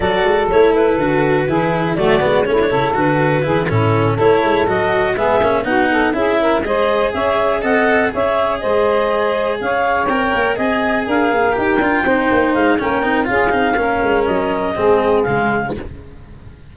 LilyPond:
<<
  \new Staff \with { instrumentName = "clarinet" } { \time 4/4 \tempo 4 = 122 d''4 cis''8 b'2~ b'8 | d''4 cis''4 b'4. a'8~ | a'8 cis''4 dis''4 e''4 fis''8~ | fis''8 e''4 dis''4 e''4 fis''8~ |
fis''8 e''4 dis''2 f''8~ | f''8 g''4 gis''4 f''4 g''8~ | g''4. f''8 g''4 f''4~ | f''4 dis''2 f''4 | }
  \new Staff \with { instrumentName = "saxophone" } { \time 4/4 a'2. gis'4 | fis'4 e'8 a'4. gis'8 e'8~ | e'8 a'2 gis'4 fis'8 | a'8 gis'8 ais'8 c''4 cis''4 dis''8~ |
dis''8 cis''4 c''2 cis''8~ | cis''4. dis''4 ais'4.~ | ais'8 c''4. ais'4 gis'4 | ais'2 gis'2 | }
  \new Staff \with { instrumentName = "cello" } { \time 4/4 fis'4 e'4 fis'4 e'4 | a8 b8 cis'16 d'16 e'8 fis'4 e'8 cis'8~ | cis'8 e'4 fis'4 b8 cis'8 dis'8~ | dis'8 e'4 gis'2 a'8~ |
a'8 gis'2.~ gis'8~ | gis'8 ais'4 gis'2 g'8 | f'8 dis'4. cis'8 dis'8 f'8 dis'8 | cis'2 c'4 gis4 | }
  \new Staff \with { instrumentName = "tuba" } { \time 4/4 fis8 gis8 a4 d4 e4 | fis8 gis8 a8 cis8 d4 e8 a,8~ | a,8 a8 gis8 fis4 gis8 ais8 b8~ | b8 cis'4 gis4 cis'4 c'8~ |
c'8 cis'4 gis2 cis'8~ | cis'8 c'8 ais8 c'4 d'8 ais8 dis'8 | d'8 c'8 ais8 gis8 ais8 c'8 cis'8 c'8 | ais8 gis8 fis4 gis4 cis4 | }
>>